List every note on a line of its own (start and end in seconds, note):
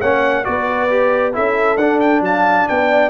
0.00 0.46 A#3
0.00 0.45 C#4
0.00 0.44 C#5
0.00 0.45 F#5
0.45 1.37 B3
0.45 0.89 F#4
0.45 1.35 B4
0.45 1.34 D5
0.90 1.34 G4
1.34 1.77 C#4
1.34 1.78 E4
1.34 2.24 A4
1.34 1.78 E5
1.77 2.21 D4
1.77 3.10 D4
1.77 2.00 F#5
2.00 2.22 G5
2.21 2.66 F#3
2.21 2.70 F5
2.21 2.69 A5
2.69 3.10 B3
2.69 3.10 D5
2.69 3.10 G5